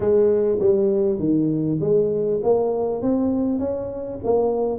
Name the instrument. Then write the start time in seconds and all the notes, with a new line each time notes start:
tuba
0.00 G#3
0.59 G3
1.19 D#3
1.80 G#3
2.43 A#3
3.02 C4
3.59 C#4
4.24 A#3